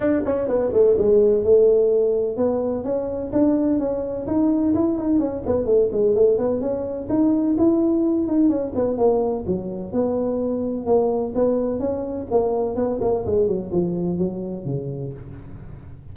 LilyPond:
\new Staff \with { instrumentName = "tuba" } { \time 4/4 \tempo 4 = 127 d'8 cis'8 b8 a8 gis4 a4~ | a4 b4 cis'4 d'4 | cis'4 dis'4 e'8 dis'8 cis'8 b8 | a8 gis8 a8 b8 cis'4 dis'4 |
e'4. dis'8 cis'8 b8 ais4 | fis4 b2 ais4 | b4 cis'4 ais4 b8 ais8 | gis8 fis8 f4 fis4 cis4 | }